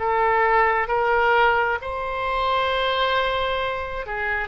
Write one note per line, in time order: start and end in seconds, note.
0.00 0.88 A4
0.88 1.79 A#4
1.82 4.07 C5
4.07 4.49 G#4